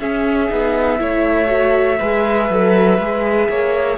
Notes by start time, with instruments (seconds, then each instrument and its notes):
0.00 viola C#4, cello C#4, violin G#4 E5
0.49 cello B3, viola D#4
0.99 cello A3, viola E4, violin C#5
1.48 viola F#4
2.00 cello G#3, viola G#4, violin B4
2.49 cello F#3, viola A4
2.99 cello G#3, viola G#4
3.49 cello A#3, violin C#5